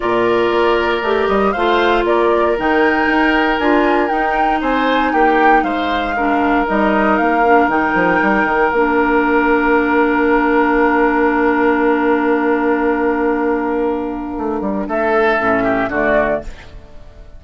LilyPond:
<<
  \new Staff \with { instrumentName = "flute" } { \time 4/4 \tempo 4 = 117 d''2~ d''8 dis''8 f''4 | d''4 g''2 gis''4 | g''4 gis''4 g''4 f''4~ | f''4 dis''4 f''4 g''4~ |
g''4 f''2.~ | f''1~ | f''1~ | f''4 e''2 d''4 | }
  \new Staff \with { instrumentName = "oboe" } { \time 4/4 ais'2. c''4 | ais'1~ | ais'4 c''4 g'4 c''4 | ais'1~ |
ais'1~ | ais'1~ | ais'1~ | ais'4 a'4. g'8 fis'4 | }
  \new Staff \with { instrumentName = "clarinet" } { \time 4/4 f'2 g'4 f'4~ | f'4 dis'2 f'4 | dis'1 | d'4 dis'4. d'8 dis'4~ |
dis'4 d'2.~ | d'1~ | d'1~ | d'2 cis'4 a4 | }
  \new Staff \with { instrumentName = "bassoon" } { \time 4/4 ais,4 ais4 a8 g8 a4 | ais4 dis4 dis'4 d'4 | dis'4 c'4 ais4 gis4~ | gis4 g4 ais4 dis8 f8 |
g8 dis8 ais2.~ | ais1~ | ais1 | a8 g8 a4 a,4 d4 | }
>>